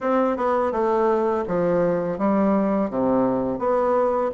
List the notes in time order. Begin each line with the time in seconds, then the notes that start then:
0.00 C4
0.36 B3
0.72 A3
1.47 F3
2.18 G3
2.90 C3
3.58 B3